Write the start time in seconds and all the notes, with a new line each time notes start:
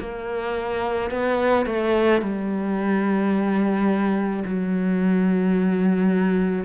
0.00 A#3
1.11 B3
1.66 A3
2.22 G3
4.45 F#3